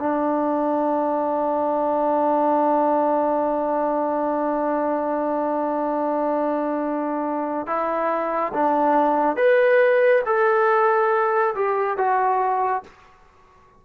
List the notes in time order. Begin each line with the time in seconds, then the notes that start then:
0.00 D4
7.67 E4
8.54 D4
9.37 B4
10.26 A4
11.56 G4
11.98 F#4